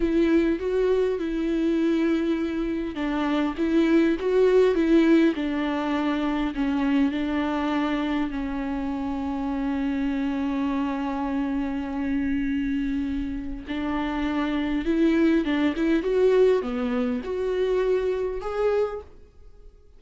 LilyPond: \new Staff \with { instrumentName = "viola" } { \time 4/4 \tempo 4 = 101 e'4 fis'4 e'2~ | e'4 d'4 e'4 fis'4 | e'4 d'2 cis'4 | d'2 cis'2~ |
cis'1~ | cis'2. d'4~ | d'4 e'4 d'8 e'8 fis'4 | b4 fis'2 gis'4 | }